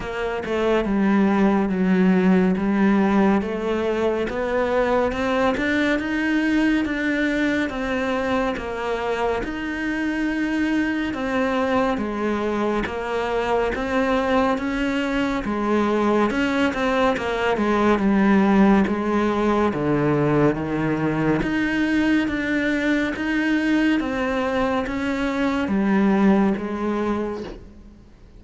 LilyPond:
\new Staff \with { instrumentName = "cello" } { \time 4/4 \tempo 4 = 70 ais8 a8 g4 fis4 g4 | a4 b4 c'8 d'8 dis'4 | d'4 c'4 ais4 dis'4~ | dis'4 c'4 gis4 ais4 |
c'4 cis'4 gis4 cis'8 c'8 | ais8 gis8 g4 gis4 d4 | dis4 dis'4 d'4 dis'4 | c'4 cis'4 g4 gis4 | }